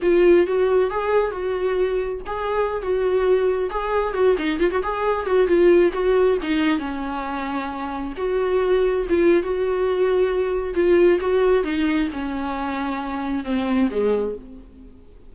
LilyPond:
\new Staff \with { instrumentName = "viola" } { \time 4/4 \tempo 4 = 134 f'4 fis'4 gis'4 fis'4~ | fis'4 gis'4~ gis'16 fis'4.~ fis'16~ | fis'16 gis'4 fis'8 dis'8 f'16 fis'16 gis'4 fis'16~ | fis'16 f'4 fis'4 dis'4 cis'8.~ |
cis'2~ cis'16 fis'4.~ fis'16~ | fis'16 f'8. fis'2. | f'4 fis'4 dis'4 cis'4~ | cis'2 c'4 gis4 | }